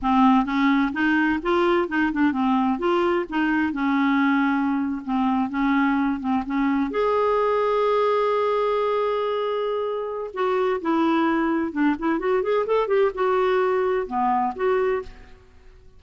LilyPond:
\new Staff \with { instrumentName = "clarinet" } { \time 4/4 \tempo 4 = 128 c'4 cis'4 dis'4 f'4 | dis'8 d'8 c'4 f'4 dis'4 | cis'2~ cis'8. c'4 cis'16~ | cis'4~ cis'16 c'8 cis'4 gis'4~ gis'16~ |
gis'1~ | gis'2 fis'4 e'4~ | e'4 d'8 e'8 fis'8 gis'8 a'8 g'8 | fis'2 b4 fis'4 | }